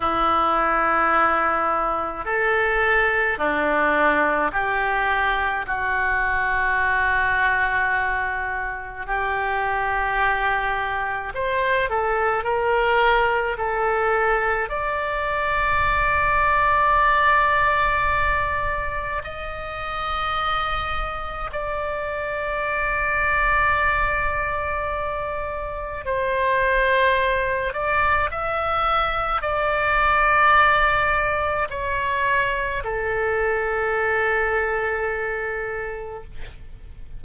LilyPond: \new Staff \with { instrumentName = "oboe" } { \time 4/4 \tempo 4 = 53 e'2 a'4 d'4 | g'4 fis'2. | g'2 c''8 a'8 ais'4 | a'4 d''2.~ |
d''4 dis''2 d''4~ | d''2. c''4~ | c''8 d''8 e''4 d''2 | cis''4 a'2. | }